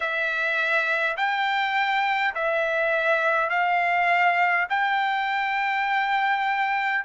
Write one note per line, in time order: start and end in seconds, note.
0.00 1.16 E5
1.17 2.34 G5
2.34 3.49 E5
3.49 4.67 F5
4.69 7.04 G5